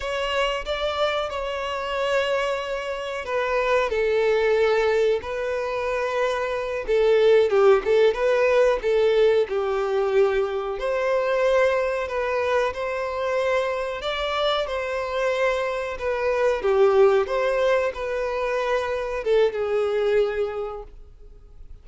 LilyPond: \new Staff \with { instrumentName = "violin" } { \time 4/4 \tempo 4 = 92 cis''4 d''4 cis''2~ | cis''4 b'4 a'2 | b'2~ b'8 a'4 g'8 | a'8 b'4 a'4 g'4.~ |
g'8 c''2 b'4 c''8~ | c''4. d''4 c''4.~ | c''8 b'4 g'4 c''4 b'8~ | b'4. a'8 gis'2 | }